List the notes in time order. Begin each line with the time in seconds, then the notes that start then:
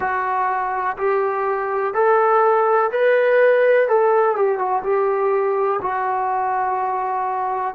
0.00 F#4
0.97 G4
1.94 A4
2.91 B4
3.88 A4
4.35 G4
4.58 F#4
4.83 G4
5.81 F#4